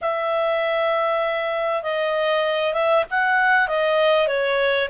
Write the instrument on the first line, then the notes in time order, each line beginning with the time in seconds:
clarinet
0.01 E5
1.82 D#5
2.73 E5
3.10 F#5
3.68 D#5
4.27 C#5